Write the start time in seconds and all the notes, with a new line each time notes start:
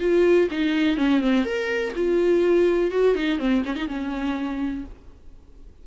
0.00 F4
0.51 D#4
0.97 C#4
1.21 C4
1.45 A#4
1.96 F4
2.91 F#4
3.15 D#4
3.39 C4
3.65 C#4
3.76 D#4
3.88 C#4